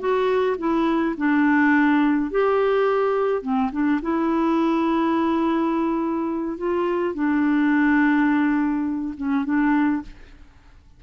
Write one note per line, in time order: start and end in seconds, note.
0.00 0.57 F#4
0.58 1.16 E4
1.17 2.31 D4
2.31 3.42 G4
3.42 3.71 C4
3.72 4.01 D4
4.03 6.58 E4
6.58 7.15 F4
7.15 9.15 D4
9.17 9.45 C#4
9.45 10.02 D4